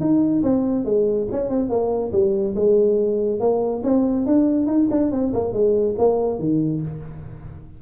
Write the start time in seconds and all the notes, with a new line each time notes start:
0.00 D#4
0.43 C4
0.85 G#3
1.31 C#4
1.49 C4
1.69 A#3
2.12 G3
2.55 G#3
3.40 A#3
3.83 C4
4.26 D4
4.67 D#4
4.91 D4
5.11 C4
5.33 A#3
5.53 G#3
5.98 A#3
6.38 D#3